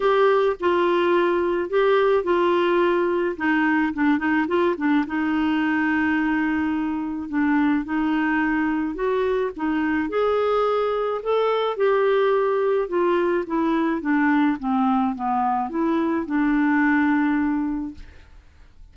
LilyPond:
\new Staff \with { instrumentName = "clarinet" } { \time 4/4 \tempo 4 = 107 g'4 f'2 g'4 | f'2 dis'4 d'8 dis'8 | f'8 d'8 dis'2.~ | dis'4 d'4 dis'2 |
fis'4 dis'4 gis'2 | a'4 g'2 f'4 | e'4 d'4 c'4 b4 | e'4 d'2. | }